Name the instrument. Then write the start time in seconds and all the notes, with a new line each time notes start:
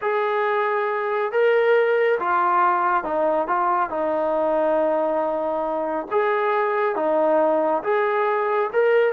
trombone
0.01 G#4
1.31 A#4
2.19 F4
3.04 D#4
3.47 F4
3.89 D#4
6.11 G#4
6.95 D#4
7.83 G#4
8.73 A#4